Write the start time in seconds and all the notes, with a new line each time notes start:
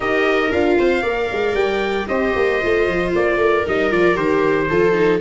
0.00 D#4 G4 A#4 D#5
0.52 D4 F4 F5
0.78 C4 C5
1.01 A#3 A#4 D5
1.32 G#3
1.54 G3 G5
2.07 C4 G4 C5 D#5
2.35 A#3
2.61 A3 F4
2.87 F3
3.15 A#3 D5
3.36 A3 A#4
3.66 G3 D#4 D#5
3.90 F3 F4 D5
4.14 D#3 G4 C5
4.69 F3 F4 A4
4.92 D#4